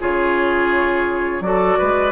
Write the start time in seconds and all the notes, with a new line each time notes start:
0.00 C#3 F4 G#4 C#5
1.40 F#3 F#4 D5
1.46 A4
1.79 G#3 B4